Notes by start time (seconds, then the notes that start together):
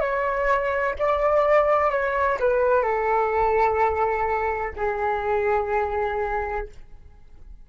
0.00 C#5
0.98 D5
1.90 C#5
2.39 B4
2.82 A4
4.76 G#4